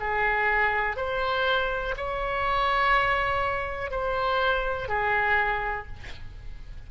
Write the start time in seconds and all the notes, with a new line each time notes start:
0.00 G#4
0.96 C5
1.97 C#5
3.91 C5
4.88 G#4